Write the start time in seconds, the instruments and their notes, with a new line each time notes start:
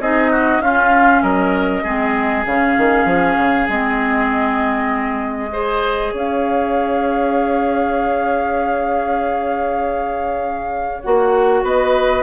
0.00 bassoon C4, clarinet D#4, oboe G#4, flute D#5
0.31 oboe F#4
0.60 bassoon C#4, clarinet C#4, oboe F4, flute F5
1.22 bassoon F#3, oboe A#4, flute D#5
1.83 bassoon G#3, clarinet C4, oboe G#4
2.45 bassoon C#3, clarinet C#4, flute F5
2.77 bassoon D#3
3.05 bassoon F3
3.37 bassoon C#3
3.68 bassoon G#3, clarinet C4, flute D#5
5.49 clarinet G#4, oboe C5
6.12 bassoon C#4, oboe C#5, flute F5
11.02 bassoon A#3, clarinet F#4, flute F#5
11.62 bassoon B3, oboe B4, flute D#5